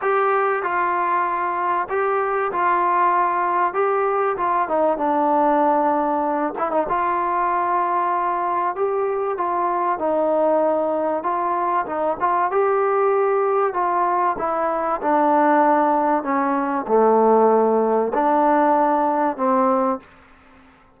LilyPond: \new Staff \with { instrumentName = "trombone" } { \time 4/4 \tempo 4 = 96 g'4 f'2 g'4 | f'2 g'4 f'8 dis'8 | d'2~ d'8 e'16 dis'16 f'4~ | f'2 g'4 f'4 |
dis'2 f'4 dis'8 f'8 | g'2 f'4 e'4 | d'2 cis'4 a4~ | a4 d'2 c'4 | }